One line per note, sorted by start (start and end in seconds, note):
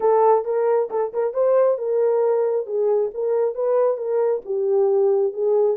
0.00 0.44 A4
0.44 0.89 A#4
0.90 1.12 A4
1.13 1.33 A#4
1.33 1.78 C5
1.78 2.66 A#4
2.66 3.10 G#4
3.14 3.54 A#4
3.54 3.97 B4
3.97 4.41 A#4
4.45 5.33 G4
5.33 5.76 G#4